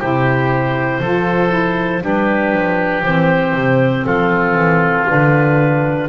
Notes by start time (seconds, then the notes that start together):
0.00 C3 E4 G4 C5
1.00 F3 F4 A4
1.50 E4
2.01 G3 D4 G4 B4
2.53 F3
3.04 E3 C4 C5
3.55 C3
4.06 F3 F4 A4
4.55 E3
5.08 D3 D4 B4